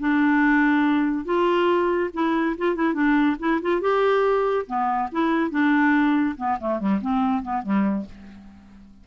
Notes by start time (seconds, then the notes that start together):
0.00 D4
1.25 F4
2.14 E4
2.58 F4
2.76 E4
2.94 D4
3.39 E4
3.62 F4
3.81 G4
4.67 B3
5.12 E4
5.51 D4
6.37 B3
6.60 A3
6.79 G3
7.02 C4
7.43 B3
7.63 G3